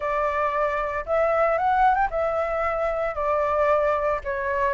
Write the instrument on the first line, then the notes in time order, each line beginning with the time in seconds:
flute
0.00 D5
1.06 E5
1.58 F#5
1.94 G5
2.10 E5
3.15 D5
4.24 C#5